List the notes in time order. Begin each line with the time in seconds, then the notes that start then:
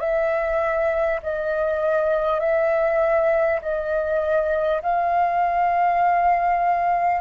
0.00 E5
1.23 D#5
2.40 E5
3.62 D#5
4.83 F5